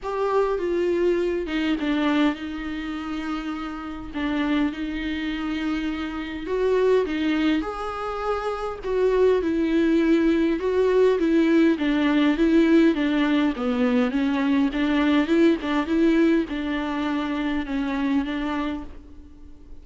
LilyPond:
\new Staff \with { instrumentName = "viola" } { \time 4/4 \tempo 4 = 102 g'4 f'4. dis'8 d'4 | dis'2. d'4 | dis'2. fis'4 | dis'4 gis'2 fis'4 |
e'2 fis'4 e'4 | d'4 e'4 d'4 b4 | cis'4 d'4 e'8 d'8 e'4 | d'2 cis'4 d'4 | }